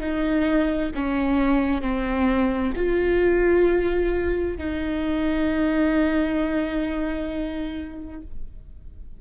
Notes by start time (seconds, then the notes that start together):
0.00 D#4
0.95 C#4
1.82 C4
2.76 F4
4.57 D#4